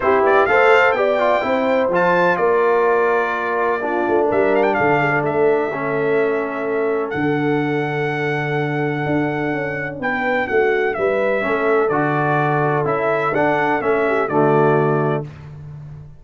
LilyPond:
<<
  \new Staff \with { instrumentName = "trumpet" } { \time 4/4 \tempo 4 = 126 c''8 d''8 f''4 g''2 | a''4 d''2.~ | d''4 e''8 f''16 g''16 f''4 e''4~ | e''2. fis''4~ |
fis''1~ | fis''4 g''4 fis''4 e''4~ | e''4 d''2 e''4 | fis''4 e''4 d''2 | }
  \new Staff \with { instrumentName = "horn" } { \time 4/4 g'4 c''4 d''4 c''4~ | c''4 ais'2. | f'4 ais'4 a'8 gis'16 a'4~ a'16~ | a'1~ |
a'1~ | a'4 b'4 fis'4 b'4 | a'1~ | a'4. g'8 fis'2 | }
  \new Staff \with { instrumentName = "trombone" } { \time 4/4 e'4 a'4 g'8 f'8 e'4 | f'1 | d'1 | cis'2. d'4~ |
d'1~ | d'1 | cis'4 fis'2 e'4 | d'4 cis'4 a2 | }
  \new Staff \with { instrumentName = "tuba" } { \time 4/4 c'8 b8 a4 b4 c'4 | f4 ais2.~ | ais8 a8 g4 d4 a4~ | a2. d4~ |
d2. d'4 | cis'4 b4 a4 g4 | a4 d2 cis'4 | d'4 a4 d2 | }
>>